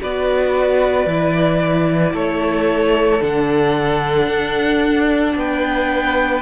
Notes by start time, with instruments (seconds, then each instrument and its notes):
0.00 cello B3, viola F#4, violin B4 D5
1.06 cello E3, viola E4
2.12 cello A3, violin A4 C#5
3.20 cello D3, viola D4, violin F#5
4.27 cello D4
5.35 cello B3, violin B4 G5